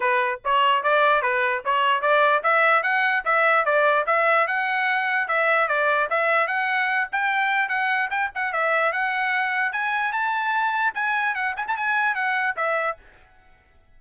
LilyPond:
\new Staff \with { instrumentName = "trumpet" } { \time 4/4 \tempo 4 = 148 b'4 cis''4 d''4 b'4 | cis''4 d''4 e''4 fis''4 | e''4 d''4 e''4 fis''4~ | fis''4 e''4 d''4 e''4 |
fis''4. g''4. fis''4 | g''8 fis''8 e''4 fis''2 | gis''4 a''2 gis''4 | fis''8 gis''16 a''16 gis''4 fis''4 e''4 | }